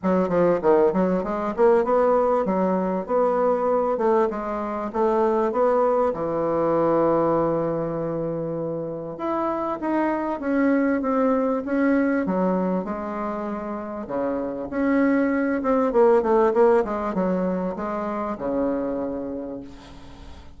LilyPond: \new Staff \with { instrumentName = "bassoon" } { \time 4/4 \tempo 4 = 98 fis8 f8 dis8 fis8 gis8 ais8 b4 | fis4 b4. a8 gis4 | a4 b4 e2~ | e2. e'4 |
dis'4 cis'4 c'4 cis'4 | fis4 gis2 cis4 | cis'4. c'8 ais8 a8 ais8 gis8 | fis4 gis4 cis2 | }